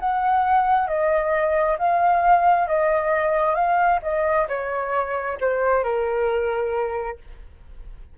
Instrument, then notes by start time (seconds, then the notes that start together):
flute
0.00 F#5
0.88 D#5
1.79 F5
2.68 D#5
3.55 F5
4.03 D#5
4.49 C#5
5.41 C5
5.84 A#4